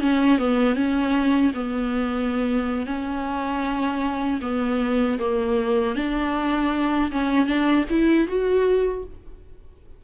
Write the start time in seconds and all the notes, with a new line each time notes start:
0.00 C#4
0.38 B3
0.75 C#4
1.54 B3
2.86 C#4
4.41 B3
5.19 A#3
5.95 D4
7.12 C#4
7.46 D4
7.90 E4
8.27 F#4